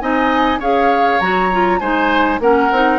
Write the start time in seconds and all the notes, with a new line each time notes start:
0.00 C4 D#4 D#5 G#5
0.59 C#4 G#4 C#5 F5
1.20 F#3 F#4 A#5
1.52 F4
1.79 G#3 D#4 C5 G#5
2.40 A#3 C#4 A#4 F#5
2.72 C4 D#4